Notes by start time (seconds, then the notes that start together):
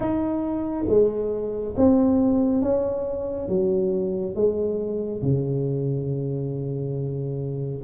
0.00 D#4
0.88 G#3
1.76 C4
2.62 C#4
3.48 F#3
4.35 G#3
5.22 C#3